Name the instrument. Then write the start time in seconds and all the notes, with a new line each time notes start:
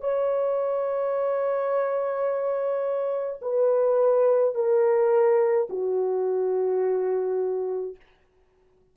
horn
0.00 C#5
3.42 B4
4.55 A#4
5.70 F#4